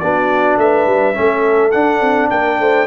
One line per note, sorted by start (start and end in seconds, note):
0.00 0.57 B3
0.00 1.14 D4
0.00 0.61 F#4
0.00 0.57 D5
0.57 0.85 A3
0.57 1.16 B4
0.57 1.71 E5
0.86 1.15 G3
1.14 1.74 A3
1.14 1.71 C#4
1.14 2.31 A4
1.71 2.01 D4
1.71 2.87 D4
1.71 2.28 F#5
2.01 2.30 C4
2.30 2.60 A#3
2.30 2.60 A#4
2.30 2.87 G5
2.60 2.87 A3
2.60 2.87 C5